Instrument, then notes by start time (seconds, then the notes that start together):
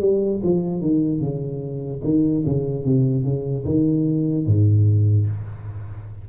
tuba
0.00 G3
0.43 F3
0.81 D#3
1.20 C#3
2.03 D#3
2.46 C#3
2.85 C3
3.24 C#3
3.65 D#3
4.46 G#2